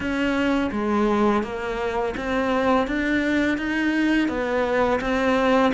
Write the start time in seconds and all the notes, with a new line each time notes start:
0.00 C#4
0.71 G#3
1.43 A#3
2.16 C4
2.87 D4
3.57 D#4
4.28 B3
5.00 C4